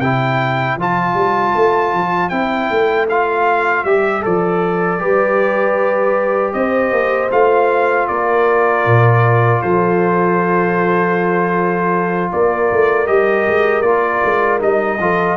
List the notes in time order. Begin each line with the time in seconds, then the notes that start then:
0.00 C3 E4 C5 G5
0.76 F3 F4 A5
1.14 G3
1.55 A3
1.93 F3
2.29 C4 E4 G5
2.70 A3
3.09 F4 F5
3.84 G3 G4 E5
4.22 F3 A4 D5
4.99 G3 G4 B4
6.53 C4 C5 D#5
6.92 A#3
7.31 A3 F4 F5
8.08 A#3 A#4 D5
8.86 A#2
9.62 F3 A4 C5
12.32 A#3 A#4 D5
12.71 A3
13.06 G3 G4 D#5
13.47 G#3
13.82 A#3 F4 D5
14.24 G#3
14.60 G3 D#4 D#5
14.99 F3 F4 A4